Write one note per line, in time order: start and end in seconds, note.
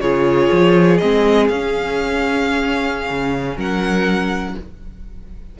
0.00 0.49 C#3
0.00 1.01 F4
0.00 3.57 G#4
0.00 0.98 C#5
0.52 1.02 F3
0.98 1.50 G#3
0.98 1.52 C4
0.98 1.47 D#5
1.48 3.10 C#4
1.48 4.60 C#4
1.48 3.57 F5
3.10 3.57 C#3
3.57 4.56 F#3
3.57 4.56 A#4
3.57 4.59 F#5